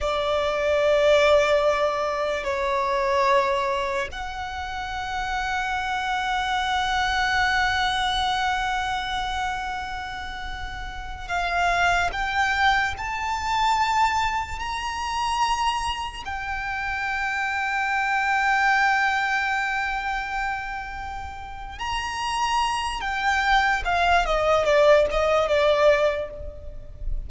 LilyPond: \new Staff \with { instrumentName = "violin" } { \time 4/4 \tempo 4 = 73 d''2. cis''4~ | cis''4 fis''2.~ | fis''1~ | fis''4.~ fis''16 f''4 g''4 a''16~ |
a''4.~ a''16 ais''2 g''16~ | g''1~ | g''2~ g''8 ais''4. | g''4 f''8 dis''8 d''8 dis''8 d''4 | }